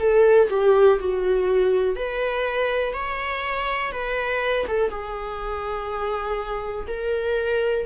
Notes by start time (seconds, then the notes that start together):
0.00 A4
0.50 G4
1.00 F#4
1.96 B4
2.94 C#5
3.93 B4
4.68 A4
4.90 G#4
6.88 A#4